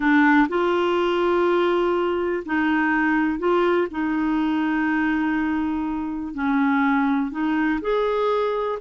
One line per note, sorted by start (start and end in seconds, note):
0.00 0.47 D4
0.48 2.43 F4
2.45 3.38 D#4
3.38 3.87 F4
3.90 6.33 D#4
6.33 7.31 C#4
7.31 7.80 D#4
7.81 8.78 G#4